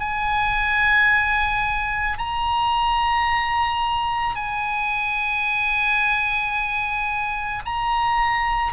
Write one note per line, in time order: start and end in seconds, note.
0.00 2.18 G#5
2.18 4.35 A#5
4.35 7.63 G#5
7.66 8.73 A#5